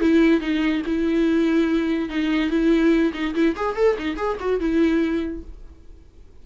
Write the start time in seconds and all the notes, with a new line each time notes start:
0.00 E4
0.40 D#4
0.86 E4
2.09 D#4
2.50 E4
3.13 D#4
3.35 E4
3.56 G#4
3.76 A4
3.98 D#4
4.17 G#4
4.40 F#4
4.60 E4